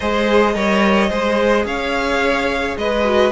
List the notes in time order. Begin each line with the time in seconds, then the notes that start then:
0.00 G#3 G#4 C5 D#5
0.54 G3 A#4 C#5
1.09 G#3 G#4 C5
1.64 C#4 C#5 F5
2.76 G#3 B4 D#5
3.04 F#4